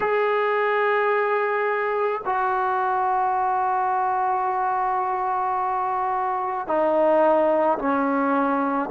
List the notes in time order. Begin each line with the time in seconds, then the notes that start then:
0.00 G#4
2.25 F#4
6.67 D#4
7.78 C#4